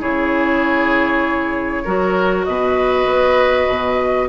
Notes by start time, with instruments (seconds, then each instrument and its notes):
0.00 bassoon C#3, clarinet E4, oboe G#4, flute C#5
1.84 bassoon F#3, clarinet F#4, oboe A#4
2.44 bassoon B2, oboe B4, flute D#5
3.05 bassoon B3
3.68 bassoon B2